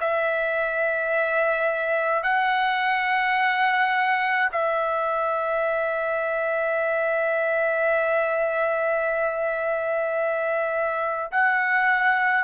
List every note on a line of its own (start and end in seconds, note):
0.00 2.23 E5
2.23 4.49 F#5
4.51 11.31 E5
11.31 12.44 F#5